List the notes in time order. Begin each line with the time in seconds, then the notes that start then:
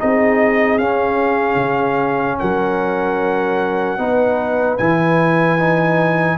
0.00 C4 D#4 G#4 D#5
0.79 C#4 F5
1.56 C#3
2.39 F#3 A#4 F#5
3.99 B3 D#4 B4
4.78 E3 E4 G#5
5.59 D#4